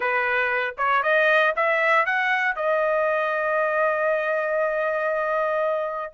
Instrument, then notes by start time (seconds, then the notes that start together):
trumpet
0.00 B4
0.77 C#5
1.02 D#5
1.55 E5
2.05 F#5
2.55 D#5